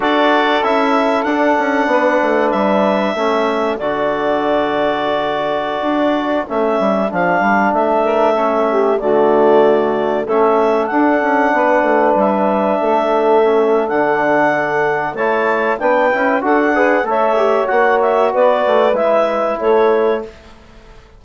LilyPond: <<
  \new Staff \with { instrumentName = "clarinet" } { \time 4/4 \tempo 4 = 95 d''4 e''4 fis''2 | e''2 d''2~ | d''2~ d''16 e''4 f''8.~ | f''16 e''2 d''4.~ d''16~ |
d''16 e''4 fis''2 e''8.~ | e''2 fis''2 | a''4 g''4 fis''4 e''4 | fis''8 e''8 d''4 e''4 cis''4 | }
  \new Staff \with { instrumentName = "saxophone" } { \time 4/4 a'2. b'4~ | b'4 a'2.~ | a'1~ | a'8. ais'8 a'8 g'8 fis'4.~ fis'16~ |
fis'16 a'2 b'4.~ b'16~ | b'16 a'2.~ a'8. | cis''4 b'4 a'8 b'8 cis''4~ | cis''4 b'2 a'4 | }
  \new Staff \with { instrumentName = "trombone" } { \time 4/4 fis'4 e'4 d'2~ | d'4 cis'4 fis'2~ | fis'2~ fis'16 cis'4 d'8.~ | d'4~ d'16 cis'4 a4.~ a16~ |
a16 cis'4 d'2~ d'8.~ | d'4~ d'16 cis'8. d'2 | e'4 d'8 e'8 fis'8 gis'8 a'8 g'8 | fis'2 e'2 | }
  \new Staff \with { instrumentName = "bassoon" } { \time 4/4 d'4 cis'4 d'8 cis'8 b8 a8 | g4 a4 d2~ | d4~ d16 d'4 a8 g8 f8 g16~ | g16 a2 d4.~ d16~ |
d16 a4 d'8 cis'8 b8 a8 g8.~ | g16 a4.~ a16 d2 | a4 b8 cis'8 d'4 a4 | ais4 b8 a8 gis4 a4 | }
>>